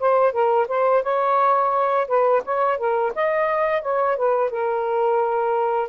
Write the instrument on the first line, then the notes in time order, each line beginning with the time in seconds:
saxophone
0.00 C5
0.33 A#4
0.68 C5
1.03 C#5
2.08 B4
2.45 C#5
2.78 A#4
3.16 D#5
3.82 C#5
4.17 B4
4.51 A#4